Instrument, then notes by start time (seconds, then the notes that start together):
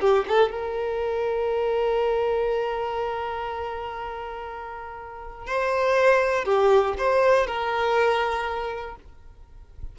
violin
0.00 G4
0.28 A4
0.51 A#4
5.47 C5
6.45 G4
6.98 C5
7.47 A#4